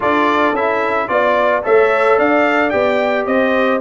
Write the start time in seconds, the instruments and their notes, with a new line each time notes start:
0.00 tuba D4, trombone F4, horn A4, trumpet D5
0.52 tuba C#4, trombone E4, trumpet E5
1.08 tuba B3, trombone F4, trumpet D5, horn D5
1.63 tuba A3, trombone A4, horn C#5, trumpet E5
2.18 tuba D4, horn D5, trumpet F5
2.69 tuba B3, trombone G4, trumpet G5
3.25 tuba C4, horn C5, trumpet D#5